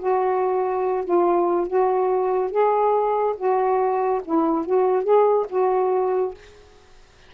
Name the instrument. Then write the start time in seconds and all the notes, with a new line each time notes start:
saxophone
0.00 F#4
1.05 F4
1.68 F#4
2.51 G#4
3.37 F#4
4.25 E4
4.66 F#4
5.04 G#4
5.50 F#4